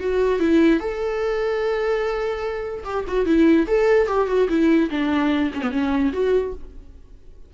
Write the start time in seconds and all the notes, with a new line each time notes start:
0.00 F#4
0.40 E4
0.80 A4
2.84 G4
3.08 F#4
3.26 E4
3.68 A4
4.07 G4
4.28 F#4
4.49 E4
4.91 D4
5.54 C#4
5.62 B3
5.71 C#4
6.13 F#4